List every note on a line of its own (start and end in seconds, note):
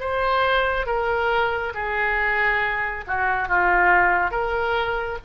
0.00 0.87 C5
0.87 1.74 A#4
1.75 3.05 G#4
3.08 3.49 F#4
3.49 4.32 F4
4.32 5.19 A#4